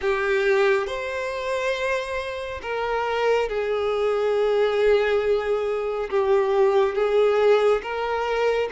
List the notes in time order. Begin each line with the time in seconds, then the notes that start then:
0.01 G4
0.87 C5
2.61 A#4
3.48 G#4
6.09 G4
6.94 G#4
7.82 A#4